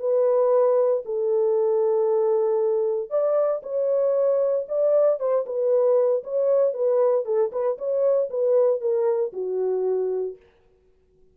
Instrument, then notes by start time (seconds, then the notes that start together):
horn
0.00 B4
1.06 A4
3.10 D5
3.63 C#5
4.69 D5
5.20 C5
5.46 B4
6.24 C#5
6.74 B4
7.26 A4
7.52 B4
7.78 C#5
8.30 B4
8.81 A#4
9.33 F#4